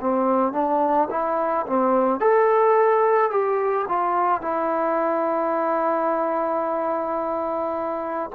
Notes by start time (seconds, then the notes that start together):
0.00 C4
0.53 D4
1.10 E4
1.67 C4
2.20 A4
3.30 G4
3.88 F4
4.41 E4